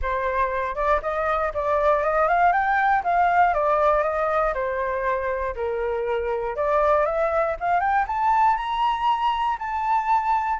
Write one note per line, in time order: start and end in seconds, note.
0.01 0.75 C5
0.75 1.00 D5
1.02 1.52 D#5
1.54 2.03 D5
2.03 2.27 D#5
2.27 2.52 F5
2.52 3.03 G5
3.03 3.53 F5
3.53 4.03 D5
4.03 4.53 D#5
4.54 5.55 C5
5.55 6.56 A#4
6.56 7.05 D5
7.05 7.55 E5
7.60 7.79 F5
7.79 8.05 G5
8.07 8.56 A5
8.56 9.57 A#5
9.58 10.59 A5